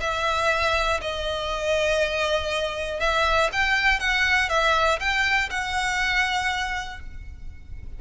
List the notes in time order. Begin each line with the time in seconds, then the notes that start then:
0.00 E5
1.01 D#5
3.00 E5
3.52 G5
3.99 F#5
4.49 E5
4.99 G5
5.50 F#5